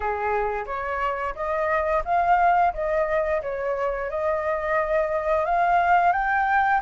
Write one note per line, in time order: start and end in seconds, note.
0.00 0.65 G#4
0.66 1.34 C#5
1.35 2.03 D#5
2.05 2.73 F5
2.73 3.41 D#5
3.42 4.10 C#5
4.10 5.45 D#5
5.45 6.12 F5
6.12 6.80 G5